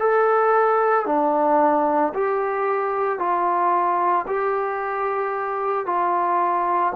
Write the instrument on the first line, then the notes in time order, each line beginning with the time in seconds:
trombone
0.00 A4
1.06 D4
2.14 G4
3.19 F4
4.28 G4
5.86 F4